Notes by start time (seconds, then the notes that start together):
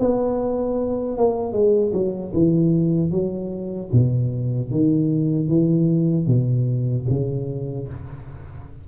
0.00 B3
1.18 A#3
1.53 G#3
1.93 F#3
2.34 E3
3.11 F#3
3.93 B2
4.72 D#3
5.49 E3
6.27 B2
7.10 C#3